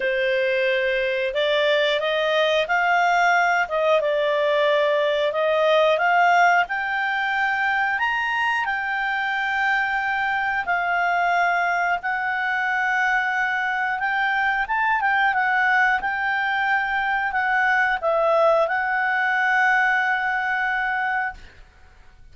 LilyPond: \new Staff \with { instrumentName = "clarinet" } { \time 4/4 \tempo 4 = 90 c''2 d''4 dis''4 | f''4. dis''8 d''2 | dis''4 f''4 g''2 | ais''4 g''2. |
f''2 fis''2~ | fis''4 g''4 a''8 g''8 fis''4 | g''2 fis''4 e''4 | fis''1 | }